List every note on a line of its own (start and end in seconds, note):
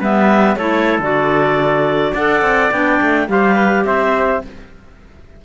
0.00 0.56 G3
0.00 0.59 B3
0.00 0.57 B4
0.00 0.57 E5
0.56 0.99 A3
0.56 1.02 E4
0.56 2.13 A4
0.56 1.00 C#5
0.99 2.13 D3
0.99 2.17 F#4
0.99 2.15 D5
2.13 2.42 D4
2.13 2.73 A4
2.13 3.27 D5
2.13 2.72 F#5
2.42 2.70 C4
2.71 3.00 B3
2.71 3.28 D4
2.71 3.29 G5
3.02 3.28 A3
3.28 3.85 G3
3.28 4.42 G4
3.28 3.55 C5
3.28 3.85 F5
3.55 3.84 B4
3.85 4.42 C4
3.85 4.45 C5
3.85 4.42 E5